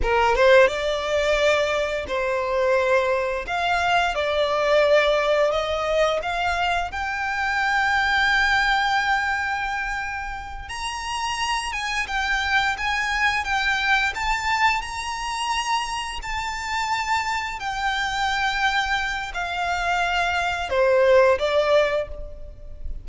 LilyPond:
\new Staff \with { instrumentName = "violin" } { \time 4/4 \tempo 4 = 87 ais'8 c''8 d''2 c''4~ | c''4 f''4 d''2 | dis''4 f''4 g''2~ | g''2.~ g''8 ais''8~ |
ais''4 gis''8 g''4 gis''4 g''8~ | g''8 a''4 ais''2 a''8~ | a''4. g''2~ g''8 | f''2 c''4 d''4 | }